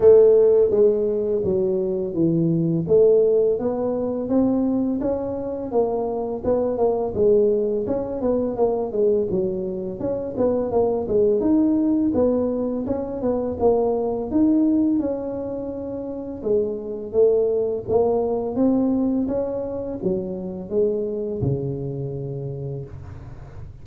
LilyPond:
\new Staff \with { instrumentName = "tuba" } { \time 4/4 \tempo 4 = 84 a4 gis4 fis4 e4 | a4 b4 c'4 cis'4 | ais4 b8 ais8 gis4 cis'8 b8 | ais8 gis8 fis4 cis'8 b8 ais8 gis8 |
dis'4 b4 cis'8 b8 ais4 | dis'4 cis'2 gis4 | a4 ais4 c'4 cis'4 | fis4 gis4 cis2 | }